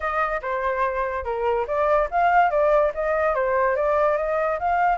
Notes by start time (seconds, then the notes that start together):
0.00 D#5
0.41 C5
1.24 A#4
1.67 D5
2.10 F5
2.50 D5
2.94 D#5
3.34 C5
3.76 D5
4.17 D#5
4.59 F5